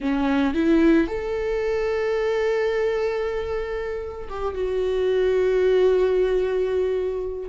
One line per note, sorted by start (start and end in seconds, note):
0.00 0.54 C#4
0.54 1.07 E4
1.07 4.29 A4
4.29 4.54 G4
4.54 7.48 F#4